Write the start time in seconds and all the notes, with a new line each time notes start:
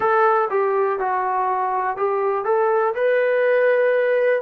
0.00 A4
0.50 G4
0.99 F#4
1.96 G4
2.45 A4
2.95 B4